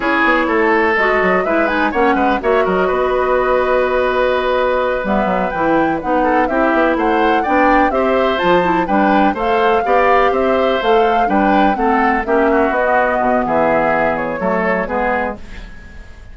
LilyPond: <<
  \new Staff \with { instrumentName = "flute" } { \time 4/4 \tempo 4 = 125 cis''2 dis''4 e''8 gis''8 | fis''4 e''8 dis''2~ dis''8~ | dis''2~ dis''8 e''4 g''8~ | g''8 fis''4 e''4 fis''4 g''8~ |
g''8 e''4 a''4 g''4 f''8~ | f''4. e''4 f''4 g''8~ | g''8 fis''4 e''4 dis''4. | e''4. cis''4. b'4 | }
  \new Staff \with { instrumentName = "oboe" } { \time 4/4 gis'4 a'2 b'4 | cis''8 b'8 cis''8 ais'8 b'2~ | b'1~ | b'4 a'8 g'4 c''4 d''8~ |
d''8 c''2 b'4 c''8~ | c''8 d''4 c''2 b'8~ | b'8 a'4 g'8 fis'2 | gis'2 a'4 gis'4 | }
  \new Staff \with { instrumentName = "clarinet" } { \time 4/4 e'2 fis'4 e'8 dis'8 | cis'4 fis'2.~ | fis'2~ fis'8 b4 e'8~ | e'8 dis'4 e'2 d'8~ |
d'8 g'4 f'8 e'8 d'4 a'8~ | a'8 g'2 a'4 d'8~ | d'8 c'4 cis'4 b4.~ | b2 a4 b4 | }
  \new Staff \with { instrumentName = "bassoon" } { \time 4/4 cis'8 b8 a4 gis8 fis8 gis4 | ais8 gis8 ais8 fis8 b2~ | b2~ b8 g8 fis8 e8~ | e8 b4 c'8 b8 a4 b8~ |
b8 c'4 f4 g4 a8~ | a8 b4 c'4 a4 g8~ | g8 a4 ais4 b4 b,8 | e2 fis4 gis4 | }
>>